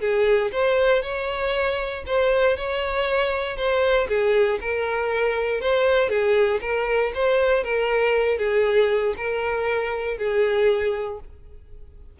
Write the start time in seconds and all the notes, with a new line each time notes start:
0.00 G#4
0.52 C5
1.02 C#5
2.06 C5
2.56 C#5
3.56 C5
4.08 G#4
4.61 A#4
5.60 C5
6.09 G#4
6.61 A#4
7.14 C5
7.63 A#4
8.38 G#4
9.16 A#4
10.17 G#4